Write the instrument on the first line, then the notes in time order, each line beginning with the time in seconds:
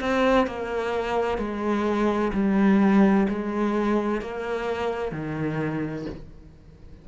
cello
0.00 C4
0.46 A#3
1.38 G#3
2.33 G3
3.29 G#3
4.21 A#3
5.11 D#3